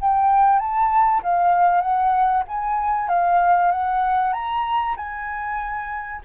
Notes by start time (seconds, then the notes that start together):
0.00 G5
0.59 A5
1.23 F5
1.81 F#5
2.47 G#5
3.09 F5
3.71 F#5
4.33 A#5
4.96 G#5